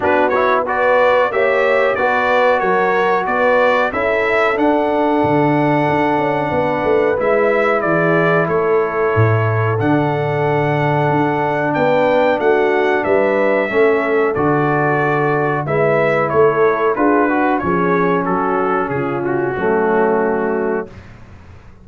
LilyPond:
<<
  \new Staff \with { instrumentName = "trumpet" } { \time 4/4 \tempo 4 = 92 b'8 cis''8 d''4 e''4 d''4 | cis''4 d''4 e''4 fis''4~ | fis''2. e''4 | d''4 cis''2 fis''4~ |
fis''2 g''4 fis''4 | e''2 d''2 | e''4 cis''4 b'4 cis''4 | a'4 gis'8 fis'2~ fis'8 | }
  \new Staff \with { instrumentName = "horn" } { \time 4/4 fis'4 b'4 cis''4 b'4 | ais'4 b'4 a'2~ | a'2 b'2 | gis'4 a'2.~ |
a'2 b'4 fis'4 | b'4 a'2. | b'4 a'4 gis'8 fis'8 gis'4 | fis'4 f'4 cis'2 | }
  \new Staff \with { instrumentName = "trombone" } { \time 4/4 d'8 e'8 fis'4 g'4 fis'4~ | fis'2 e'4 d'4~ | d'2. e'4~ | e'2. d'4~ |
d'1~ | d'4 cis'4 fis'2 | e'2 f'8 fis'8 cis'4~ | cis'2 a2 | }
  \new Staff \with { instrumentName = "tuba" } { \time 4/4 b2 ais4 b4 | fis4 b4 cis'4 d'4 | d4 d'8 cis'8 b8 a8 gis4 | e4 a4 a,4 d4~ |
d4 d'4 b4 a4 | g4 a4 d2 | gis4 a4 d'4 f4 | fis4 cis4 fis2 | }
>>